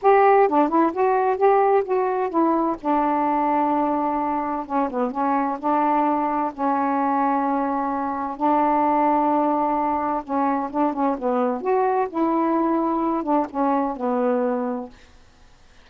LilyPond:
\new Staff \with { instrumentName = "saxophone" } { \time 4/4 \tempo 4 = 129 g'4 d'8 e'8 fis'4 g'4 | fis'4 e'4 d'2~ | d'2 cis'8 b8 cis'4 | d'2 cis'2~ |
cis'2 d'2~ | d'2 cis'4 d'8 cis'8 | b4 fis'4 e'2~ | e'8 d'8 cis'4 b2 | }